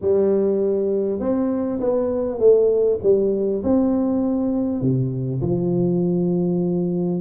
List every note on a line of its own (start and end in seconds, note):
0.01 1.19 G3
1.19 1.79 C4
1.80 2.39 B3
2.39 2.99 A3
3.02 3.62 G3
3.63 4.81 C4
4.81 5.41 C3
5.41 7.21 F3